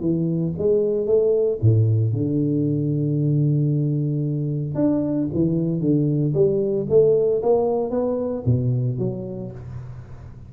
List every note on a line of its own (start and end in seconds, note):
0.00 0.53 E3
0.57 1.06 G#3
1.06 1.59 A3
1.61 2.13 A2
2.13 4.75 D3
4.75 5.27 D4
5.33 5.80 E3
5.80 6.33 D3
6.33 6.86 G3
6.89 7.41 A3
7.42 7.90 A#3
7.90 8.43 B3
8.45 8.98 B2
8.98 9.51 F#3